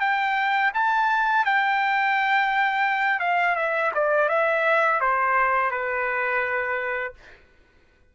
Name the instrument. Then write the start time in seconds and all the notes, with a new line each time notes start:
trumpet
0.00 G5
0.74 A5
1.45 G5
3.19 F5
3.56 E5
3.94 D5
4.29 E5
5.00 C5
5.70 B4